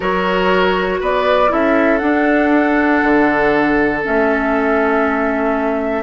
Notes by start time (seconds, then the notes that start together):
0.00 F#3 F#4 A#4 C#5
1.00 B3 B4 D5
1.48 C#4 E4 A4 E5
1.98 D4 F#5
3.03 D3
4.02 A3 C#4 E5